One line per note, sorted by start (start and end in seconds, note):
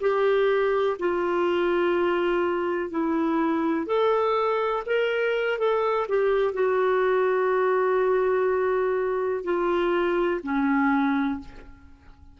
0.00 0.97 G4
0.99 2.90 F4
2.90 3.86 E4
3.86 4.83 A4
4.86 5.58 A#4
5.58 6.07 A4
6.08 6.53 G4
6.53 9.44 F#4
9.44 10.40 F4
10.43 11.40 C#4